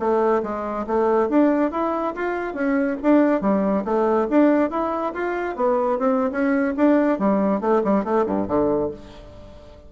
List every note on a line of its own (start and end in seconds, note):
0.00 0.43 A3
0.43 0.86 G#3
0.87 1.30 A3
1.30 1.72 D4
1.72 2.14 E4
2.16 2.54 F4
2.54 2.97 C#4
3.03 3.42 D4
3.42 3.85 G3
3.85 4.28 A3
4.30 4.71 D4
4.71 5.14 E4
5.14 5.56 F4
5.56 5.99 B3
5.99 6.31 C4
6.32 6.75 C#4
6.77 7.19 D4
7.19 7.61 G3
7.61 7.83 A3
7.84 8.05 G3
8.05 8.26 A3
8.27 8.48 G2
8.48 8.91 D3